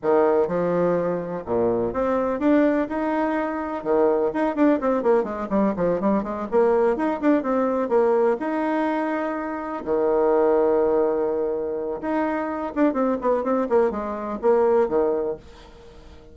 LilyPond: \new Staff \with { instrumentName = "bassoon" } { \time 4/4 \tempo 4 = 125 dis4 f2 ais,4 | c'4 d'4 dis'2 | dis4 dis'8 d'8 c'8 ais8 gis8 g8 | f8 g8 gis8 ais4 dis'8 d'8 c'8~ |
c'8 ais4 dis'2~ dis'8~ | dis'8 dis2.~ dis8~ | dis4 dis'4. d'8 c'8 b8 | c'8 ais8 gis4 ais4 dis4 | }